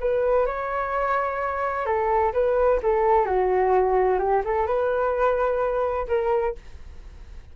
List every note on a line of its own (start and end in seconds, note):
0.00 0.46 B4
0.46 1.86 C#5
1.86 2.32 A4
2.33 2.80 B4
2.82 3.26 A4
3.26 4.19 F#4
4.19 4.42 G4
4.44 4.66 A4
4.66 6.07 B4
6.08 6.55 A#4